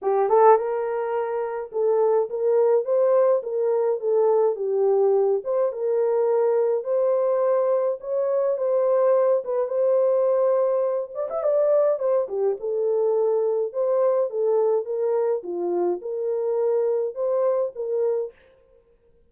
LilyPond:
\new Staff \with { instrumentName = "horn" } { \time 4/4 \tempo 4 = 105 g'8 a'8 ais'2 a'4 | ais'4 c''4 ais'4 a'4 | g'4. c''8 ais'2 | c''2 cis''4 c''4~ |
c''8 b'8 c''2~ c''8 d''16 e''16 | d''4 c''8 g'8 a'2 | c''4 a'4 ais'4 f'4 | ais'2 c''4 ais'4 | }